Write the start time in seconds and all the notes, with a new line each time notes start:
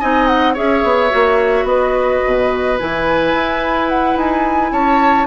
0.00 C4 D#4 D#5 G#5
0.27 F#5
0.53 C#4 G#4 C#5 E5
0.83 B3
1.09 A#3 F#4
1.64 B3 B4 D#5
2.25 B2
2.79 E3 E4 G#5
3.33 E4
3.89 F#5
4.16 D#4 G#5
4.72 C#4 C#5 A5